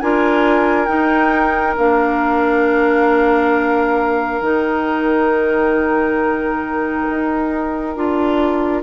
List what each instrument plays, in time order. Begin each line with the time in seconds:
0.00 bassoon D4, clarinet F4, oboe A#4, flute G#5
0.86 clarinet D#4, bassoon D#4, flute G5
1.78 bassoon A#3, clarinet D4, flute F5
4.41 bassoon D#3, clarinet D#4, flute G5
7.10 bassoon D#4
7.95 bassoon D4, clarinet F4